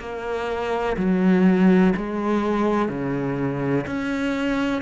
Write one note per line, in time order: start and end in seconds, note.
0.00 0.97 A#3
0.97 1.94 F#3
1.97 2.89 G#3
2.89 3.86 C#3
3.87 4.83 C#4